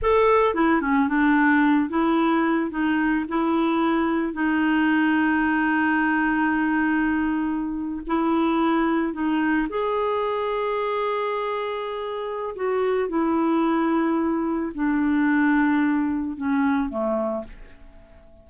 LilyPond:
\new Staff \with { instrumentName = "clarinet" } { \time 4/4 \tempo 4 = 110 a'4 e'8 cis'8 d'4. e'8~ | e'4 dis'4 e'2 | dis'1~ | dis'2~ dis'8. e'4~ e'16~ |
e'8. dis'4 gis'2~ gis'16~ | gis'2. fis'4 | e'2. d'4~ | d'2 cis'4 a4 | }